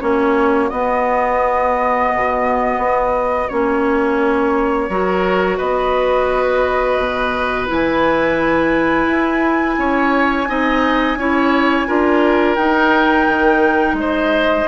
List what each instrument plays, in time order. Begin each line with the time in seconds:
0.00 bassoon A#3, clarinet C#4, oboe F#4, flute C#5
0.69 bassoon B3, clarinet B3, flute D#5
2.14 bassoon B2
2.78 bassoon B3
3.48 bassoon A#3, clarinet C#4, flute C#5
4.88 bassoon F#3, clarinet F#4, oboe A#4
5.57 bassoon B3, oboe B4, flute D#5
6.98 bassoon B2
7.66 bassoon E3, clarinet E4, flute G#5
9.06 bassoon E4
9.77 bassoon C#4, oboe C#5
10.47 bassoon C4, clarinet D#4, oboe D#5
11.16 bassoon C#4, clarinet E4, oboe C#5
11.86 bassoon D4, clarinet F4, oboe A#4
12.55 bassoon D#4, clarinet D#4, flute G5
13.28 bassoon D#3
13.93 bassoon G#3
13.99 oboe C5, flute D#5